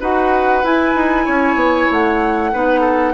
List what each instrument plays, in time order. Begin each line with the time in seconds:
0.00 bassoon D#4, clarinet F#4, oboe B4, flute F#5
0.63 bassoon E4, clarinet E4, flute G#5
0.94 bassoon D#4
1.24 bassoon C#4, oboe C#5
1.54 bassoon B3
1.91 bassoon A3, flute F#5
2.52 bassoon B3, clarinet D#4, oboe B4
2.80 oboe A4